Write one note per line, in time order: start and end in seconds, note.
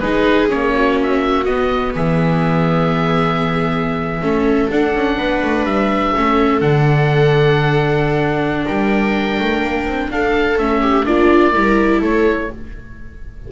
0.00 0.52 G#3
0.00 0.49 D#4
0.00 0.73 G#4
0.00 0.48 B4
0.49 1.47 A#3
0.49 1.46 C#4
0.49 0.99 C#5
0.75 1.95 F#4
1.03 1.45 E5
1.45 1.95 B3
1.45 4.22 B3
1.45 1.93 D#5
1.95 4.22 E3
1.95 4.22 G#4
1.95 4.71 E5
4.22 4.70 A3
4.22 4.70 C#4
4.22 5.19 A4
4.71 4.95 D4
4.71 6.16 D4
4.71 5.66 F#5
4.95 5.17 C#4
5.17 5.41 B3
5.17 6.15 B4
5.42 5.64 A3
5.64 6.12 G3
5.64 6.61 E5
6.15 6.62 A3
6.15 6.62 C#4
6.15 8.66 A4
6.61 8.65 D3
6.61 10.58 D4
6.61 8.65 F#5
8.66 9.40 G3
8.66 10.10 A#4
8.66 10.12 G5
9.40 9.63 A3
9.63 9.86 A#3
9.86 10.10 C4
10.11 10.58 D4
10.11 10.82 A4
10.11 10.59 F5
10.58 11.06 A3
10.58 11.05 C#4
10.58 11.06 E5
10.82 11.06 G4
11.05 11.55 A#3
11.05 11.53 D4
11.05 11.54 F4
11.05 12.02 D5
11.54 12.02 G3
11.54 12.51 E4
11.54 12.00 A#4
12.00 12.50 A3
12.00 12.48 A4
12.00 12.52 C#5